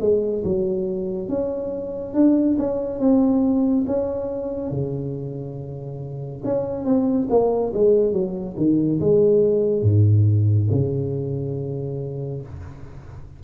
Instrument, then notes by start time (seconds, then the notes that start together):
tuba
0.00 G#3
0.44 F#3
1.28 C#4
2.14 D4
2.58 C#4
2.99 C4
3.86 C#4
4.71 C#3
6.44 C#4
6.84 C4
7.29 A#3
7.73 G#3
8.12 F#3
8.56 D#3
9.00 G#3
9.82 G#2
10.70 C#3